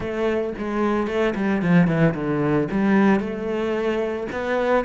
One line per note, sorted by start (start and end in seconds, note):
0.00 0.53 A3
0.57 1.07 G#3
1.07 1.34 A3
1.35 1.62 G3
1.62 1.87 F3
1.87 2.14 E3
2.14 2.68 D3
2.71 3.20 G3
3.20 4.27 A3
4.31 4.85 B3